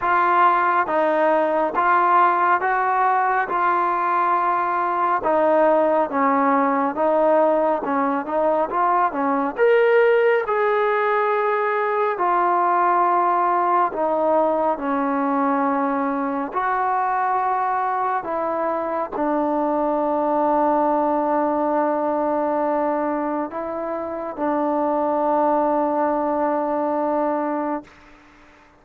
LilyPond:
\new Staff \with { instrumentName = "trombone" } { \time 4/4 \tempo 4 = 69 f'4 dis'4 f'4 fis'4 | f'2 dis'4 cis'4 | dis'4 cis'8 dis'8 f'8 cis'8 ais'4 | gis'2 f'2 |
dis'4 cis'2 fis'4~ | fis'4 e'4 d'2~ | d'2. e'4 | d'1 | }